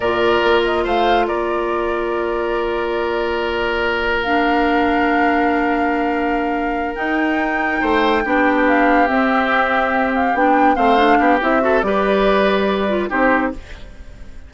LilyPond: <<
  \new Staff \with { instrumentName = "flute" } { \time 4/4 \tempo 4 = 142 d''4. dis''8 f''4 d''4~ | d''1~ | d''2 f''2~ | f''1~ |
f''8 g''2.~ g''8~ | g''8 f''4 e''2~ e''8 | f''8 g''4 f''4. e''4 | d''2. c''4 | }
  \new Staff \with { instrumentName = "oboe" } { \time 4/4 ais'2 c''4 ais'4~ | ais'1~ | ais'1~ | ais'1~ |
ais'2~ ais'8 c''4 g'8~ | g'1~ | g'4. c''4 g'4 a'8 | b'2. g'4 | }
  \new Staff \with { instrumentName = "clarinet" } { \time 4/4 f'1~ | f'1~ | f'2 d'2~ | d'1~ |
d'8 dis'2. d'8~ | d'4. c'2~ c'8~ | c'8 d'4 c'8 d'4 e'8 fis'8 | g'2~ g'8 f'8 dis'4 | }
  \new Staff \with { instrumentName = "bassoon" } { \time 4/4 ais,4 ais4 a4 ais4~ | ais1~ | ais1~ | ais1~ |
ais8 dis'2 a4 b8~ | b4. c'2~ c'8~ | c'8 b4 a4 b8 c'4 | g2. c'4 | }
>>